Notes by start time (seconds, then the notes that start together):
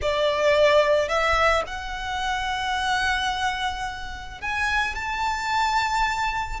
0.01 D5
1.08 E5
1.66 F#5
4.41 G#5
4.95 A5